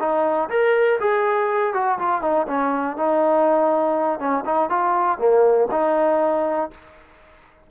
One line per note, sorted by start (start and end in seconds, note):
0.00 0.50 D#4
0.50 1.00 A#4
1.01 1.74 G#4
1.74 1.99 F#4
1.99 2.22 F4
2.22 2.47 D#4
2.48 2.97 C#4
2.97 4.20 D#4
4.20 4.44 C#4
4.46 4.70 D#4
4.70 5.19 F4
5.19 5.68 A#3
5.72 6.71 D#4